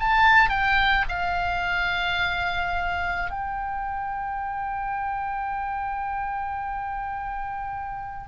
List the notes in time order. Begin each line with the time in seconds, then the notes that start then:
0.00 A5
0.49 G5
1.09 F5
3.31 G5